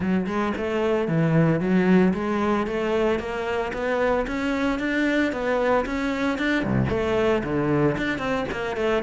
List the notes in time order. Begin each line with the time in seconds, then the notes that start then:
0.00 F#3
0.26 G#3
0.57 A3
1.08 E3
1.60 F#3
2.13 G#3
2.67 A3
3.19 A#3
3.73 B3
4.27 C#4
4.79 D4
5.32 B3
5.85 C#4
6.38 D4
6.63 C2
6.89 A3
7.43 D3
7.97 D4
8.18 C4
8.51 A#3
8.76 A3